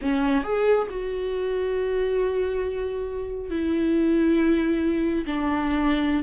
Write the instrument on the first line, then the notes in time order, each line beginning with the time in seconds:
viola
0.01 C#4
0.43 G#4
0.90 F#4
3.50 E4
5.26 D4